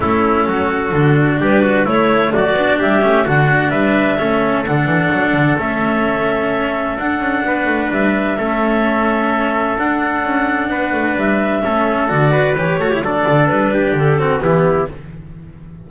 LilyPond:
<<
  \new Staff \with { instrumentName = "clarinet" } { \time 4/4 \tempo 4 = 129 a'2. b'4 | cis''4 d''4 e''4 fis''4 | e''2 fis''2 | e''2. fis''4~ |
fis''4 e''2.~ | e''4 fis''2. | e''2 d''4 cis''4 | d''4 b'4 a'4 g'4 | }
  \new Staff \with { instrumentName = "trumpet" } { \time 4/4 e'4 fis'2 g'8 fis'8 | e'4 fis'4 g'4 fis'4 | b'4 a'2.~ | a'1 |
b'2 a'2~ | a'2. b'4~ | b'4 a'4. b'4 a'16 g'16 | a'4. g'4 fis'8 e'4 | }
  \new Staff \with { instrumentName = "cello" } { \time 4/4 cis'2 d'2 | a4. d'4 cis'8 d'4~ | d'4 cis'4 d'2 | cis'2. d'4~ |
d'2 cis'2~ | cis'4 d'2.~ | d'4 cis'4 fis'4 g'8 fis'16 e'16 | d'2~ d'8 c'8 b4 | }
  \new Staff \with { instrumentName = "double bass" } { \time 4/4 a4 fis4 d4 g4 | a4 fis8 b8 g8 a8 d4 | g4 a4 d8 e8 fis8 d8 | a2. d'8 cis'8 |
b8 a8 g4 a2~ | a4 d'4 cis'4 b8 a8 | g4 a4 d4 e8 a8 | fis8 d8 g4 d4 e4 | }
>>